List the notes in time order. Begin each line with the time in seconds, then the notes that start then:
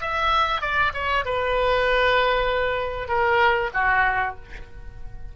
0.00 E5
0.61 D5
0.93 C#5
1.25 B4
3.08 A#4
3.73 F#4